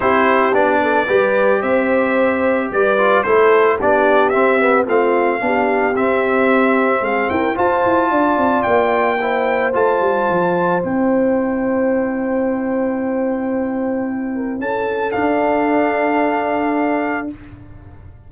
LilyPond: <<
  \new Staff \with { instrumentName = "trumpet" } { \time 4/4 \tempo 4 = 111 c''4 d''2 e''4~ | e''4 d''4 c''4 d''4 | e''4 f''2 e''4~ | e''4 f''8 g''8 a''2 |
g''2 a''2 | g''1~ | g''2. a''4 | f''1 | }
  \new Staff \with { instrumentName = "horn" } { \time 4/4 g'4. a'8 b'4 c''4~ | c''4 b'4 a'4 g'4~ | g'4 f'4 g'2~ | g'4 gis'8 ais'8 c''4 d''4~ |
d''4 c''2.~ | c''1~ | c''2~ c''8 ais'8 a'4~ | a'1 | }
  \new Staff \with { instrumentName = "trombone" } { \time 4/4 e'4 d'4 g'2~ | g'4. f'8 e'4 d'4 | c'8 b8 c'4 d'4 c'4~ | c'2 f'2~ |
f'4 e'4 f'2 | e'1~ | e'1 | d'1 | }
  \new Staff \with { instrumentName = "tuba" } { \time 4/4 c'4 b4 g4 c'4~ | c'4 g4 a4 b4 | c'4 a4 b4 c'4~ | c'4 gis8 e'8 f'8 e'8 d'8 c'8 |
ais2 a8 g8 f4 | c'1~ | c'2. cis'4 | d'1 | }
>>